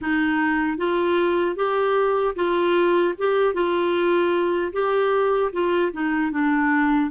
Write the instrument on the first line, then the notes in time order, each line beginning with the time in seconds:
clarinet
0.01 D#4
0.77 F4
1.55 G4
2.35 F4
3.18 G4
3.53 F4
4.72 G4
5.52 F4
5.92 D#4
6.31 D4